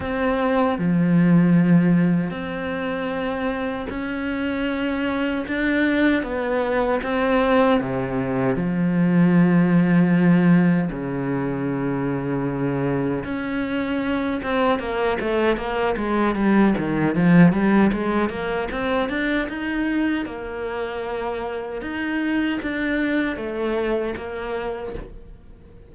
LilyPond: \new Staff \with { instrumentName = "cello" } { \time 4/4 \tempo 4 = 77 c'4 f2 c'4~ | c'4 cis'2 d'4 | b4 c'4 c4 f4~ | f2 cis2~ |
cis4 cis'4. c'8 ais8 a8 | ais8 gis8 g8 dis8 f8 g8 gis8 ais8 | c'8 d'8 dis'4 ais2 | dis'4 d'4 a4 ais4 | }